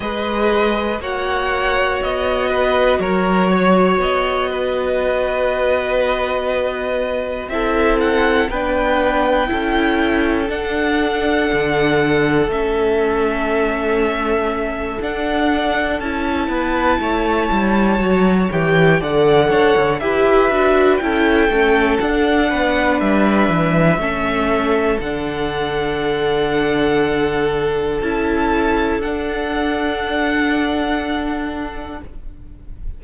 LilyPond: <<
  \new Staff \with { instrumentName = "violin" } { \time 4/4 \tempo 4 = 60 dis''4 fis''4 dis''4 cis''4 | dis''2.~ dis''8 e''8 | fis''8 g''2 fis''4.~ | fis''8 e''2~ e''8 fis''4 |
a''2~ a''8 g''8 fis''4 | e''4 g''4 fis''4 e''4~ | e''4 fis''2. | a''4 fis''2. | }
  \new Staff \with { instrumentName = "violin" } { \time 4/4 b'4 cis''4. b'8 ais'8 cis''8~ | cis''8 b'2. a'8~ | a'8 b'4 a'2~ a'8~ | a'1~ |
a'8 b'8 cis''2 d''8 cis''8 | b'4 a'4. b'4. | a'1~ | a'1 | }
  \new Staff \with { instrumentName = "viola" } { \time 4/4 gis'4 fis'2.~ | fis'2.~ fis'8 e'8~ | e'8 d'4 e'4 d'4.~ | d'8 cis'2~ cis'8 d'4 |
e'2 fis'8 g'8 a'4 | g'8 fis'8 e'8 cis'8 d'2 | cis'4 d'2. | e'4 d'2. | }
  \new Staff \with { instrumentName = "cello" } { \time 4/4 gis4 ais4 b4 fis4 | b2.~ b8 c'8~ | c'8 b4 cis'4 d'4 d8~ | d8 a2~ a8 d'4 |
cis'8 b8 a8 g8 fis8 e8 d8 d'16 d16 | e'8 d'8 cis'8 a8 d'8 b8 g8 e8 | a4 d2. | cis'4 d'2. | }
>>